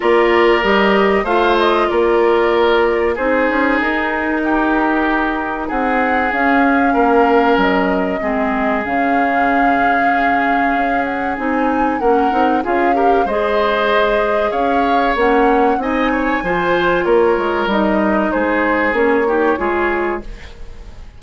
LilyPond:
<<
  \new Staff \with { instrumentName = "flute" } { \time 4/4 \tempo 4 = 95 d''4 dis''4 f''8 dis''8 d''4~ | d''4 c''4 ais'2~ | ais'4 fis''4 f''2 | dis''2 f''2~ |
f''4. fis''8 gis''4 fis''4 | f''4 dis''2 f''4 | fis''4 gis''2 cis''4 | dis''4 c''4 cis''2 | }
  \new Staff \with { instrumentName = "oboe" } { \time 4/4 ais'2 c''4 ais'4~ | ais'4 gis'2 g'4~ | g'4 gis'2 ais'4~ | ais'4 gis'2.~ |
gis'2. ais'4 | gis'8 ais'8 c''2 cis''4~ | cis''4 dis''8 cis''8 c''4 ais'4~ | ais'4 gis'4. g'8 gis'4 | }
  \new Staff \with { instrumentName = "clarinet" } { \time 4/4 f'4 g'4 f'2~ | f'4 dis'2.~ | dis'2 cis'2~ | cis'4 c'4 cis'2~ |
cis'2 dis'4 cis'8 dis'8 | f'8 g'8 gis'2. | cis'4 dis'4 f'2 | dis'2 cis'8 dis'8 f'4 | }
  \new Staff \with { instrumentName = "bassoon" } { \time 4/4 ais4 g4 a4 ais4~ | ais4 c'8 cis'8 dis'2~ | dis'4 c'4 cis'4 ais4 | fis4 gis4 cis2~ |
cis4 cis'4 c'4 ais8 c'8 | cis'4 gis2 cis'4 | ais4 c'4 f4 ais8 gis8 | g4 gis4 ais4 gis4 | }
>>